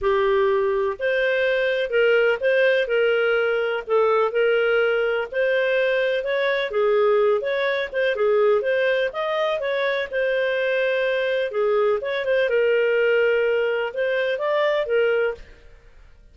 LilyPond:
\new Staff \with { instrumentName = "clarinet" } { \time 4/4 \tempo 4 = 125 g'2 c''2 | ais'4 c''4 ais'2 | a'4 ais'2 c''4~ | c''4 cis''4 gis'4. cis''8~ |
cis''8 c''8 gis'4 c''4 dis''4 | cis''4 c''2. | gis'4 cis''8 c''8 ais'2~ | ais'4 c''4 d''4 ais'4 | }